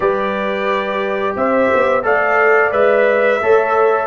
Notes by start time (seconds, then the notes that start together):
0.00 G3 G4 B4 D5
1.36 C4 C5 E5
1.73 B3
2.02 A3 A4 D5 F5
2.71 G#3 B4 E5
3.41 A3 A4 C#5